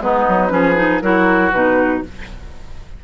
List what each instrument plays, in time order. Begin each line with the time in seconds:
0.00 bassoon G#3, clarinet B3, oboe D#4, flute B4
0.28 bassoon F#3
0.49 bassoon F3, clarinet C#4, oboe G#4
0.76 clarinet D#4
1.01 bassoon F#3, clarinet E4, oboe F#4, flute A#4
1.52 bassoon B2, clarinet D#4, flute B4